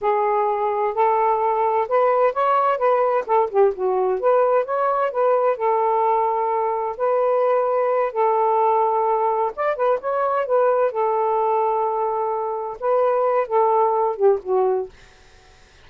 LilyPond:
\new Staff \with { instrumentName = "saxophone" } { \time 4/4 \tempo 4 = 129 gis'2 a'2 | b'4 cis''4 b'4 a'8 g'8 | fis'4 b'4 cis''4 b'4 | a'2. b'4~ |
b'4. a'2~ a'8~ | a'8 d''8 b'8 cis''4 b'4 a'8~ | a'2.~ a'8 b'8~ | b'4 a'4. g'8 fis'4 | }